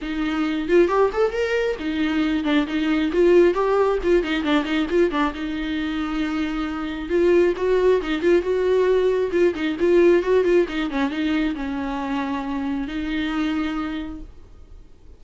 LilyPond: \new Staff \with { instrumentName = "viola" } { \time 4/4 \tempo 4 = 135 dis'4. f'8 g'8 a'8 ais'4 | dis'4. d'8 dis'4 f'4 | g'4 f'8 dis'8 d'8 dis'8 f'8 d'8 | dis'1 |
f'4 fis'4 dis'8 f'8 fis'4~ | fis'4 f'8 dis'8 f'4 fis'8 f'8 | dis'8 cis'8 dis'4 cis'2~ | cis'4 dis'2. | }